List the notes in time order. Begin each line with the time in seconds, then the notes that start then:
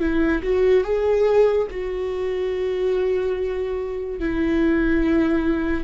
0.00 E4
0.42 F#4
0.84 G#4
1.70 F#4
4.19 E4